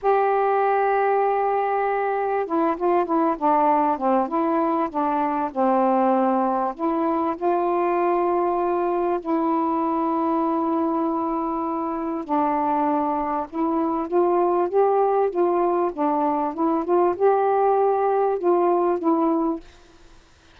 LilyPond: \new Staff \with { instrumentName = "saxophone" } { \time 4/4 \tempo 4 = 98 g'1 | e'8 f'8 e'8 d'4 c'8 e'4 | d'4 c'2 e'4 | f'2. e'4~ |
e'1 | d'2 e'4 f'4 | g'4 f'4 d'4 e'8 f'8 | g'2 f'4 e'4 | }